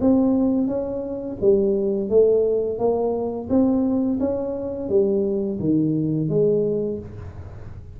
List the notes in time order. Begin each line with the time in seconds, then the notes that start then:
0.00 C4
0.67 C#4
1.41 G3
2.09 A3
2.78 A#3
3.49 C4
4.20 C#4
4.89 G3
5.59 D#3
6.29 G#3